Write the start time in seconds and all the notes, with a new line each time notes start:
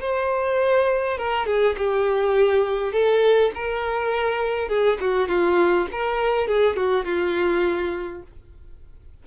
0.00 C5
1.18 A#4
1.46 G#4
1.77 G4
2.92 A4
3.55 A#4
4.68 G#4
5.01 F#4
5.28 F4
5.91 A#4
6.47 G#4
6.76 F#4
7.05 F4